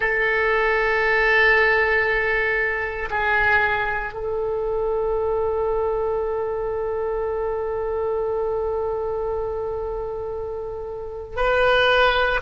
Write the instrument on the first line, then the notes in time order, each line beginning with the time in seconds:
oboe
0.00 A4
3.10 G#4
4.13 A4
11.36 B4